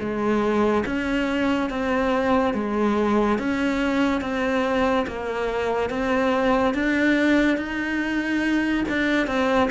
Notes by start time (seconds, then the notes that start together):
0.00 G#3
0.86 C#4
1.70 C4
2.54 G#3
3.39 C#4
4.21 C4
5.07 A#3
5.90 C4
6.74 D4
7.57 D#4
8.89 D4
9.27 C4